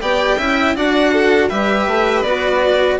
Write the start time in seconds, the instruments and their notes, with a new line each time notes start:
0.00 bassoon B3, cello G4, violin D5 G5
0.37 bassoon C#4, cello E4, violin E5
0.76 bassoon D4, cello F#4, violin D5 F#5
1.12 violin A4
1.48 bassoon G3, cello G4, violin B4 E5
1.87 bassoon A3
2.23 bassoon B3, cello F#4, violin D5